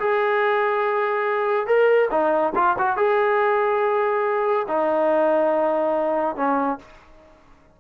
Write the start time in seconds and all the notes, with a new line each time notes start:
0.00 G#4
1.67 A#4
2.11 D#4
2.56 F4
2.79 F#4
2.97 G#4
4.68 D#4
6.36 C#4